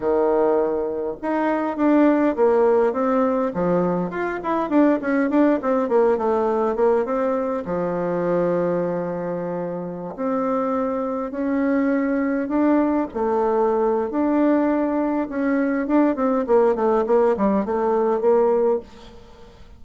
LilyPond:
\new Staff \with { instrumentName = "bassoon" } { \time 4/4 \tempo 4 = 102 dis2 dis'4 d'4 | ais4 c'4 f4 f'8 e'8 | d'8 cis'8 d'8 c'8 ais8 a4 ais8 | c'4 f2.~ |
f4~ f16 c'2 cis'8.~ | cis'4~ cis'16 d'4 a4.~ a16 | d'2 cis'4 d'8 c'8 | ais8 a8 ais8 g8 a4 ais4 | }